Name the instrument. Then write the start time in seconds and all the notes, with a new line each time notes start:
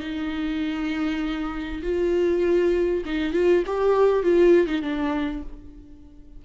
viola
0.00 D#4
1.83 F4
3.06 D#4
3.33 F4
3.67 G4
4.23 F4
4.67 D#4
4.82 D4